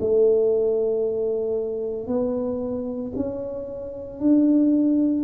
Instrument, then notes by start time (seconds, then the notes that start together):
tuba
0.00 A3
2.07 B3
3.15 C#4
4.20 D4